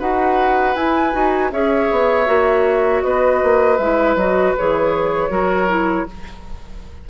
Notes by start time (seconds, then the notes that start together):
0.00 D#4 F#4 B4 F#5
0.75 E4 G#5
1.12 D#4 F#4
1.52 C#4 G#4 C#5 E5
1.91 B3
2.26 A#3 F#4
3.03 B3 B4 D#5
3.43 A#3
3.77 G#3 E4 E5
4.16 F#3 F#4 D#5
4.58 E3 G#4 C#5
5.30 F#3 F#4 A#4
5.69 E4